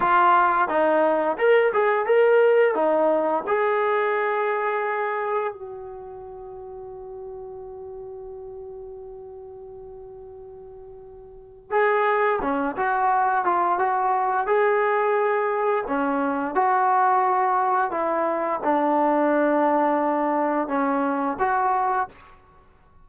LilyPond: \new Staff \with { instrumentName = "trombone" } { \time 4/4 \tempo 4 = 87 f'4 dis'4 ais'8 gis'8 ais'4 | dis'4 gis'2. | fis'1~ | fis'1~ |
fis'4 gis'4 cis'8 fis'4 f'8 | fis'4 gis'2 cis'4 | fis'2 e'4 d'4~ | d'2 cis'4 fis'4 | }